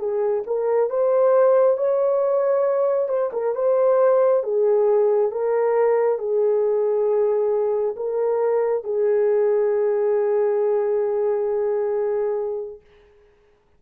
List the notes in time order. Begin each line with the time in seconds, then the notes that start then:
0.00 G#4
0.47 A#4
0.90 C5
1.78 C#5
3.09 C5
3.33 A#4
3.55 C5
4.44 G#4
5.32 A#4
6.19 G#4
7.97 A#4
8.84 G#4